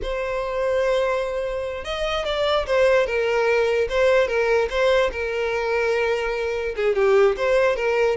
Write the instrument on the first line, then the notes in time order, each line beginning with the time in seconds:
violin
0.02 C5
1.84 D#5
2.25 D5
2.66 C5
3.06 A#4
3.89 C5
4.27 A#4
4.70 C5
5.12 A#4
6.76 G#4
6.95 G4
7.37 C5
7.76 A#4